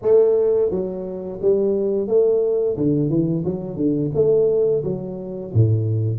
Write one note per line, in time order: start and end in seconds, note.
0.02 0.71 A3
0.71 1.39 F#3
1.41 2.07 G3
2.07 2.76 A3
2.76 3.09 D3
3.09 3.44 E3
3.45 3.76 F#3
3.76 4.10 D3
4.14 4.83 A3
4.83 5.52 F#3
5.53 6.19 A2